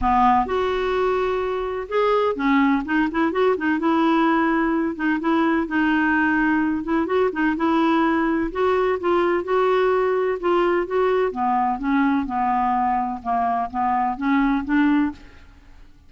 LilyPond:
\new Staff \with { instrumentName = "clarinet" } { \time 4/4 \tempo 4 = 127 b4 fis'2. | gis'4 cis'4 dis'8 e'8 fis'8 dis'8 | e'2~ e'8 dis'8 e'4 | dis'2~ dis'8 e'8 fis'8 dis'8 |
e'2 fis'4 f'4 | fis'2 f'4 fis'4 | b4 cis'4 b2 | ais4 b4 cis'4 d'4 | }